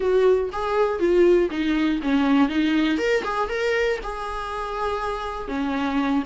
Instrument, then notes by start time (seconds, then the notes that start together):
viola
0.00 F#4
0.52 G#4
0.99 F4
1.50 D#4
2.02 C#4
2.49 D#4
2.97 A#4
3.24 G#4
3.49 A#4
4.03 G#4
5.48 C#4